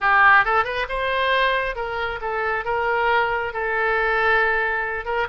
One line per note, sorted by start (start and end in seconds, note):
0.00 0.44 G4
0.44 0.64 A4
0.64 0.86 B4
0.88 1.75 C5
1.75 2.19 A#4
2.21 2.65 A4
2.65 3.53 A#4
3.53 5.05 A4
5.05 5.27 A#4